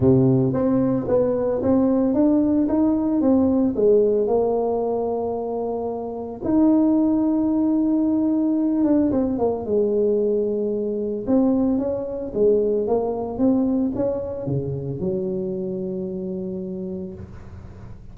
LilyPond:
\new Staff \with { instrumentName = "tuba" } { \time 4/4 \tempo 4 = 112 c4 c'4 b4 c'4 | d'4 dis'4 c'4 gis4 | ais1 | dis'1~ |
dis'8 d'8 c'8 ais8 gis2~ | gis4 c'4 cis'4 gis4 | ais4 c'4 cis'4 cis4 | fis1 | }